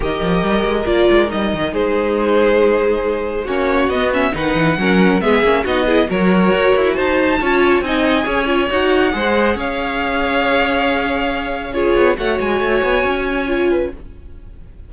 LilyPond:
<<
  \new Staff \with { instrumentName = "violin" } { \time 4/4 \tempo 4 = 138 dis''2 d''4 dis''4 | c''1 | cis''4 dis''8 e''8 fis''2 | e''4 dis''4 cis''2 |
a''2 gis''2 | fis''2 f''2~ | f''2. cis''4 | fis''8 gis''2.~ gis''8 | }
  \new Staff \with { instrumentName = "violin" } { \time 4/4 ais'1 | gis'1 | fis'2 b'4 ais'4 | gis'4 fis'8 gis'8 ais'2 |
c''4 cis''4 dis''4 cis''4~ | cis''4 c''4 cis''2~ | cis''2. gis'4 | cis''2.~ cis''8 b'8 | }
  \new Staff \with { instrumentName = "viola" } { \time 4/4 g'2 f'4 dis'4~ | dis'1 | cis'4 b8 cis'8 dis'4 cis'4 | b8 cis'8 dis'8 e'8 fis'2~ |
fis'4 f'4 dis'4 gis'8 f'8 | fis'4 gis'2.~ | gis'2. f'4 | fis'2. f'4 | }
  \new Staff \with { instrumentName = "cello" } { \time 4/4 dis8 f8 g8 gis8 ais8 gis8 g8 dis8 | gis1 | ais4 b4 dis8 e8 fis4 | gis8 ais8 b4 fis4 fis'8 e'8 |
dis'4 cis'4 c'4 cis'4 | dis'4 gis4 cis'2~ | cis'2.~ cis'8 b8 | a8 gis8 a8 b8 cis'2 | }
>>